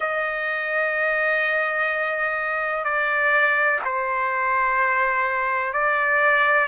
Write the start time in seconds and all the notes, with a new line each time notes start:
0.00 D#5
2.84 D5
3.84 C5
5.73 D5